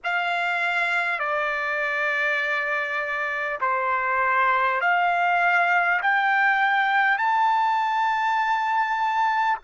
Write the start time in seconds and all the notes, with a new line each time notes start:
0.04 F5
1.19 D5
3.60 C5
4.81 F5
6.02 G5
7.17 A5